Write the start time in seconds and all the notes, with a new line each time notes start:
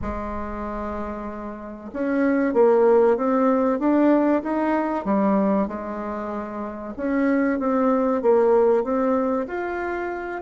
0.01 G#3
1.93 C#4
2.53 A#3
3.17 C4
3.79 D4
4.42 D#4
5.04 G3
5.67 G#3
6.96 C#4
7.59 C4
8.21 A#3
8.83 C4
9.47 F4